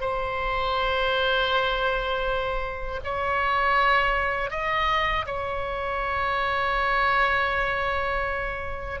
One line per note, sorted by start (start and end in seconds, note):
0.00 3.00 C5
3.03 4.50 C#5
4.50 5.25 D#5
5.26 9.00 C#5